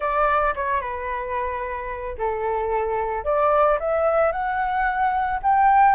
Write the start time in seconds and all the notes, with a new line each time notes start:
0.00 D5
0.55 C#5
0.80 B4
2.17 A4
3.24 D5
3.79 E5
4.31 F#5
5.43 G5